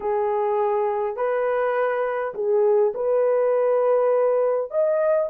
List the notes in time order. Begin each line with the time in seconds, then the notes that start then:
0.00 G#4
1.16 B4
2.34 G#4
2.94 B4
4.71 D#5